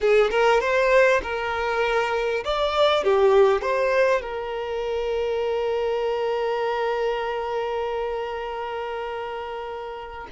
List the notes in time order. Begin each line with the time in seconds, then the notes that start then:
0.00 G#4
0.30 A#4
0.60 C5
1.22 A#4
2.44 D5
3.04 G4
3.61 C5
4.21 A#4